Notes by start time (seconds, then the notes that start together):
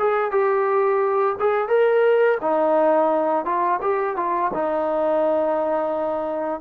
0.00 G#4
0.32 G4
1.40 G#4
1.69 A#4
2.42 D#4
3.46 F4
3.82 G4
4.17 F4
4.54 D#4